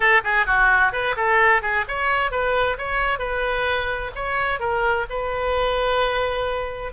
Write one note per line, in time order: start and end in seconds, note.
0.00 0.21 A4
0.24 0.46 G#4
0.46 0.92 F#4
0.92 1.15 B4
1.16 1.62 A4
1.62 1.85 G#4
1.88 2.31 C#5
2.31 2.77 B4
2.78 3.18 C#5
3.18 4.11 B4
4.15 4.59 C#5
4.59 5.05 A#4
5.09 6.92 B4